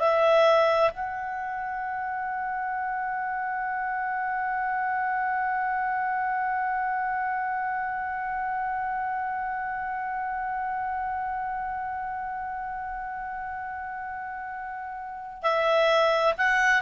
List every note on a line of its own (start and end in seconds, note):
0.00 0.91 E5
0.94 15.43 F#5
15.43 16.34 E5
16.38 16.82 F#5